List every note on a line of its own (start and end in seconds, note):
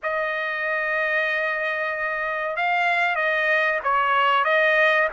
0.02 2.56 D#5
2.56 3.15 F5
3.15 3.79 D#5
3.83 4.44 C#5
4.44 5.08 D#5